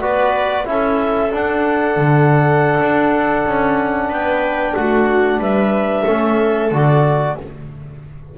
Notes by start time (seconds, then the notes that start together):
0.00 B3 F#4 B4 D5
0.65 C#4 E4 A4 E5
1.31 D4 F#5
1.97 D3
2.80 D4
3.46 C#4
4.09 B3 B4 G5
4.75 A3 F#4 F#5
5.39 G3 B4 E5
6.04 A3 C#4 A4
6.71 D3 F#4 D5